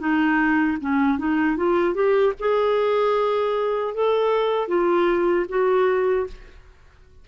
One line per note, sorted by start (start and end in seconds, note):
0.00 0.78 D#4
0.81 1.19 C#4
1.19 1.57 D#4
1.57 1.95 F4
1.95 2.34 G4
2.40 3.95 G#4
3.95 4.68 A4
4.68 5.46 F4
5.49 6.27 F#4